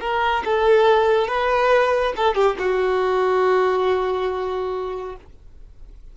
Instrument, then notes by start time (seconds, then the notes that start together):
violin
0.00 A#4
0.44 A4
1.27 B4
2.16 A4
2.34 G4
2.59 F#4